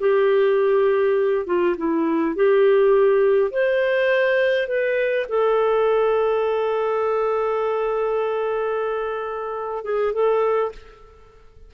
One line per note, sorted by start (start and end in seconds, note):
0.00 1.47 G4
1.47 1.76 F4
1.78 2.36 E4
2.36 3.51 G4
3.51 4.68 C5
4.68 5.26 B4
5.29 9.84 A4
9.84 10.13 G#4
10.13 10.72 A4